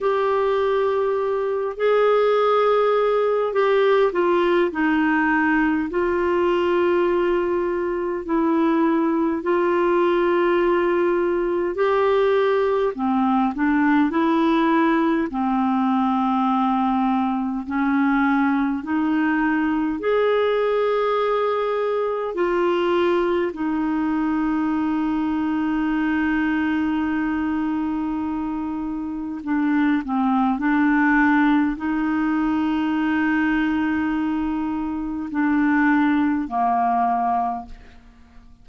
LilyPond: \new Staff \with { instrumentName = "clarinet" } { \time 4/4 \tempo 4 = 51 g'4. gis'4. g'8 f'8 | dis'4 f'2 e'4 | f'2 g'4 c'8 d'8 | e'4 c'2 cis'4 |
dis'4 gis'2 f'4 | dis'1~ | dis'4 d'8 c'8 d'4 dis'4~ | dis'2 d'4 ais4 | }